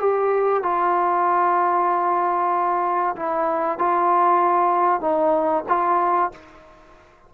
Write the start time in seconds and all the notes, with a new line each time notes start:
0.00 G4
0.63 F4
3.16 E4
3.78 F4
5.01 D#4
5.68 F4